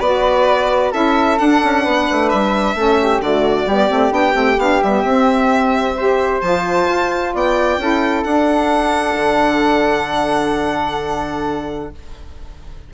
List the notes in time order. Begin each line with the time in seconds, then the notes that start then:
0.00 B3 F#4 B4 D5
0.92 C#4 E4 A4 E5
1.39 D4 F#5
1.64 C#4
1.84 B3 B4
2.12 A3
2.30 G3 E5
2.75 A3 C#4 A4
3.03 G4
3.20 D3 A3 F#4 D5
3.67 G3 B3 G4
3.91 A3 C4
4.11 B3 D4 G5
4.34 A3 C4
4.58 B3 D4 F5
4.83 G3 B3 E5
5.04 C4
5.97 G4 C5
6.42 F3 F4 A5
6.90 F4
7.34 B3 D5 G5
7.78 C#4 E4 A4
8.24 D4 F#5
9.16 D3